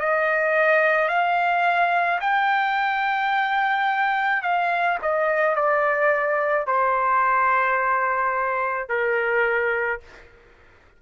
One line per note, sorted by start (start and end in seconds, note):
0.00 1.09 D#5
1.09 2.20 F5
2.21 4.42 G5
4.42 4.98 F5
5.02 5.56 D#5
5.56 6.67 D5
6.67 8.89 C5
8.89 10.00 A#4